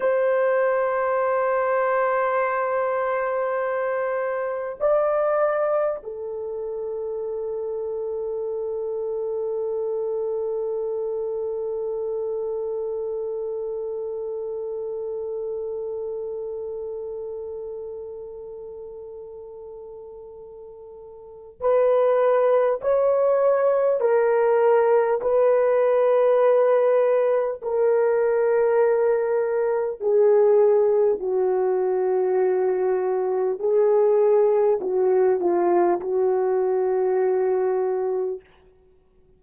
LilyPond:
\new Staff \with { instrumentName = "horn" } { \time 4/4 \tempo 4 = 50 c''1 | d''4 a'2.~ | a'1~ | a'1~ |
a'2 b'4 cis''4 | ais'4 b'2 ais'4~ | ais'4 gis'4 fis'2 | gis'4 fis'8 f'8 fis'2 | }